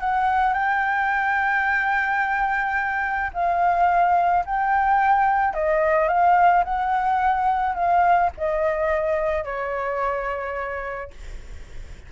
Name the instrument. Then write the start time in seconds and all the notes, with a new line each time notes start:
flute
0.00 F#5
0.53 G5
3.33 F5
4.45 G5
5.53 D#5
6.08 F5
6.64 F#5
7.74 F5
8.37 D#5
9.44 C#5